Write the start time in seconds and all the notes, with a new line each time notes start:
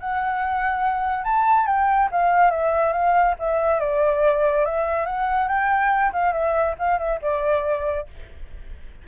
0.00 F#5
1.25 A5
1.67 G5
2.12 F5
2.51 E5
2.93 F5
3.39 E5
3.80 D5
4.65 E5
5.06 F#5
5.48 G5
6.13 F5
6.33 E5
6.79 F5
6.99 E5
7.22 D5